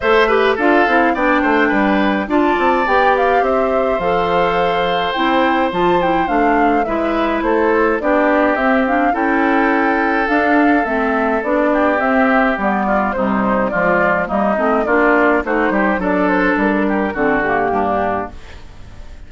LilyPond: <<
  \new Staff \with { instrumentName = "flute" } { \time 4/4 \tempo 4 = 105 e''4 f''4 g''2 | a''4 g''8 f''8 e''4 f''4~ | f''4 g''4 a''8 g''8 f''4 | e''4 c''4 d''4 e''8 f''8 |
g''2 f''4 e''4 | d''4 e''4 d''4 c''4 | d''4 dis''4 d''4 c''4 | d''8 c''8 ais'4 a'8 g'4. | }
  \new Staff \with { instrumentName = "oboe" } { \time 4/4 c''8 b'8 a'4 d''8 c''8 b'4 | d''2 c''2~ | c''1 | b'4 a'4 g'2 |
a'1~ | a'8 g'2 f'8 dis'4 | f'4 dis'4 f'4 fis'8 g'8 | a'4. g'8 fis'4 d'4 | }
  \new Staff \with { instrumentName = "clarinet" } { \time 4/4 a'8 g'8 f'8 e'8 d'2 | f'4 g'2 a'4~ | a'4 e'4 f'8 e'8 d'4 | e'2 d'4 c'8 d'8 |
e'2 d'4 c'4 | d'4 c'4 b4 g4 | gis4 ais8 c'8 d'4 dis'4 | d'2 c'8 ais4. | }
  \new Staff \with { instrumentName = "bassoon" } { \time 4/4 a4 d'8 c'8 b8 a8 g4 | d'8 c'8 b4 c'4 f4~ | f4 c'4 f4 a4 | gis4 a4 b4 c'4 |
cis'2 d'4 a4 | b4 c'4 g4 c4 | f4 g8 a8 ais4 a8 g8 | fis4 g4 d4 g,4 | }
>>